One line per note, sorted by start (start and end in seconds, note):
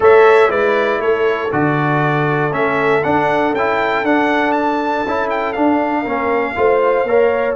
0.00 0.49 A3
0.00 0.48 A4
0.00 0.50 C#5
0.00 0.50 E5
0.48 0.99 G#3
0.48 1.49 E4
0.48 1.00 B4
0.48 1.01 D5
0.99 1.49 A3
0.99 6.02 A4
0.99 1.51 C#5
1.51 2.53 D3
1.51 2.51 F#4
1.51 2.53 D5
2.51 3.03 A3
2.51 3.01 C#4
2.51 3.03 E5
3.03 3.54 D4
3.03 3.53 D4
3.03 3.53 F#5
3.53 4.03 C#4
3.53 4.05 E4
3.53 4.05 G5
4.03 5.04 D4
4.03 5.05 D4
4.03 4.52 F#5
4.52 5.27 A5
5.06 5.56 C#4
5.06 5.55 E4
5.30 5.52 G5
5.52 6.05 D4
5.52 7.54 F5
6.02 6.56 A#3
6.02 6.55 C#4
6.02 6.52 A#4
6.55 7.04 A3
6.55 7.06 F4
6.55 7.08 C5
7.04 7.54 A#3
7.04 7.55 A#4
7.04 7.55 C#5